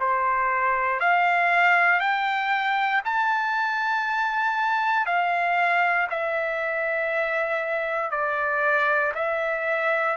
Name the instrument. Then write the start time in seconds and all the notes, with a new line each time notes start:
trumpet
0.00 C5
1.00 F5
2.00 G5
3.05 A5
5.06 F5
6.10 E5
8.11 D5
9.15 E5